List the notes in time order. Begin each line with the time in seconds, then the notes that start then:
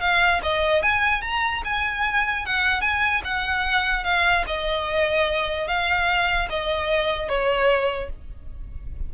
0.00 F5
0.43 D#5
0.82 G#5
1.21 A#5
1.64 G#5
2.45 F#5
2.81 G#5
3.24 F#5
4.04 F5
4.46 D#5
5.67 F5
6.49 D#5
7.28 C#5